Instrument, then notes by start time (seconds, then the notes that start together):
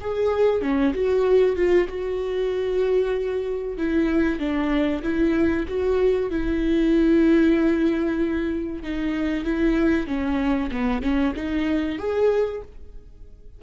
viola
0.00 G#4
0.61 C#4
0.93 F#4
1.56 F4
1.88 F#4
3.77 E4
4.39 D4
5.02 E4
5.68 F#4
6.30 E4
8.82 D#4
9.44 E4
10.07 C#4
10.71 B3
11.02 C#4
11.35 D#4
11.98 G#4